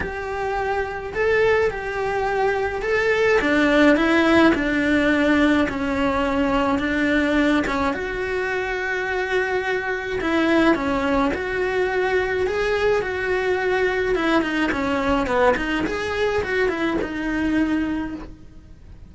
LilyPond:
\new Staff \with { instrumentName = "cello" } { \time 4/4 \tempo 4 = 106 g'2 a'4 g'4~ | g'4 a'4 d'4 e'4 | d'2 cis'2 | d'4. cis'8 fis'2~ |
fis'2 e'4 cis'4 | fis'2 gis'4 fis'4~ | fis'4 e'8 dis'8 cis'4 b8 dis'8 | gis'4 fis'8 e'8 dis'2 | }